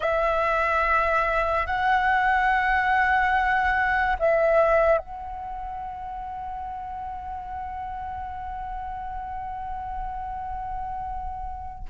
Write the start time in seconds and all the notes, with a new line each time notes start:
0.00 E5
1.66 F#5
4.19 E5
4.98 F#5